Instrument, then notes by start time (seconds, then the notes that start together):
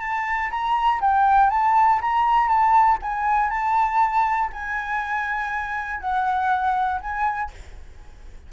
flute
0.00 A5
0.50 A#5
1.01 G5
1.50 A5
2.01 A#5
2.48 A5
3.02 G#5
3.50 A5
4.52 G#5
6.00 F#5
7.01 G#5